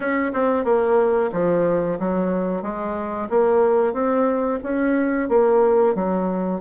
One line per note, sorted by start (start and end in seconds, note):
0.00 0.32 C#4
0.33 0.64 C4
0.64 1.30 A#3
1.32 1.98 F3
1.99 2.62 F#3
2.62 3.28 G#3
3.29 3.93 A#3
3.93 4.59 C4
4.63 5.28 C#4
5.28 5.94 A#3
5.94 6.60 F#3